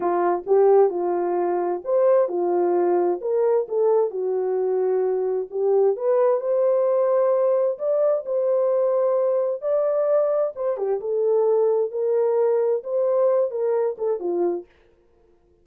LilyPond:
\new Staff \with { instrumentName = "horn" } { \time 4/4 \tempo 4 = 131 f'4 g'4 f'2 | c''4 f'2 ais'4 | a'4 fis'2. | g'4 b'4 c''2~ |
c''4 d''4 c''2~ | c''4 d''2 c''8 g'8 | a'2 ais'2 | c''4. ais'4 a'8 f'4 | }